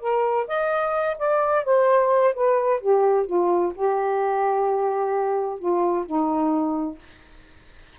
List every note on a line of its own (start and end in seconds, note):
0.00 0.47 A#4
0.47 1.17 D#5
1.18 1.64 D5
1.64 2.34 C5
2.34 2.80 B4
2.80 3.26 G4
3.26 3.72 F4
3.75 5.59 G4
5.59 6.05 F4
6.05 6.99 D#4